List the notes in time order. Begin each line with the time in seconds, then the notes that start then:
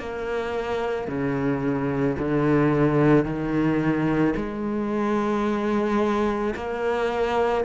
0.00 A#3
1.08 C#3
2.19 D3
3.25 D#3
4.36 G#3
6.56 A#3